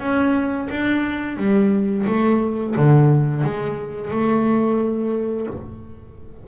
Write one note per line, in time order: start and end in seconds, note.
0.00 0.68 C#4
0.70 1.37 D4
1.37 2.05 G3
2.07 2.75 A3
2.76 3.44 D3
3.44 4.11 G#3
4.11 5.47 A3